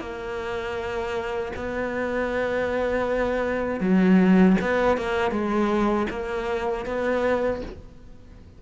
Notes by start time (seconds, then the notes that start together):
0.00 A#3
1.56 B3
3.80 F#3
4.61 B3
4.97 A#3
5.31 G#3
6.10 A#3
6.86 B3